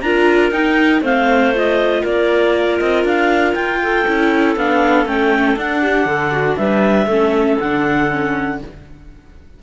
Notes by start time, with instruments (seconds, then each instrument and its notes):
0.00 cello D4, viola F4, clarinet A#4 A#5
0.51 cello D#4, viola D#4, clarinet G5
1.01 cello A3, viola C4, clarinet C5 F5
1.54 viola F4, clarinet D#5
2.03 cello A#3, clarinet A#4 D5
2.79 cello C4, clarinet D#5
3.04 cello D4, clarinet F5
3.54 cello F4, clarinet G5
3.82 clarinet A4
4.07 cello C#4, viola E4
4.56 cello B3, viola D4, clarinet F5
5.05 cello A3, viola C#4, clarinet G5
5.56 cello D4, viola D4, clarinet F#5
5.82 clarinet G4
6.05 cello D3, clarinet A4
6.32 clarinet F#4
6.56 cello G3, clarinet B4 E5
7.06 cello A3, viola C#4, clarinet A4
7.59 cello D3, viola D4, clarinet F#5
8.10 viola C#4